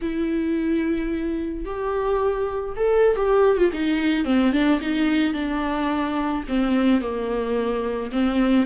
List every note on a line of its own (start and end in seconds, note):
0.01 1.65 E4
1.65 2.75 G4
2.76 3.16 A4
3.16 3.57 G4
3.57 3.71 F4
3.73 4.24 D#4
4.24 4.52 C4
4.52 4.80 D4
4.81 5.33 D#4
5.33 6.44 D4
6.48 7.01 C4
7.01 8.11 A#3
8.11 8.66 C4